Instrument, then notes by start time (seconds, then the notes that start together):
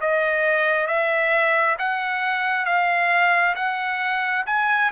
trumpet
0.00 D#5
0.86 E5
1.78 F#5
2.65 F5
3.55 F#5
4.46 G#5